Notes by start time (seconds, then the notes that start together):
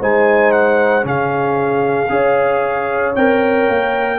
0.00 G#3 D#4 C5 G#5
0.52 F#5
1.02 C#3 C#4 G#4 F5
2.09 C#4 G#4 C#5
3.16 C4 A#4 G5
3.69 A#3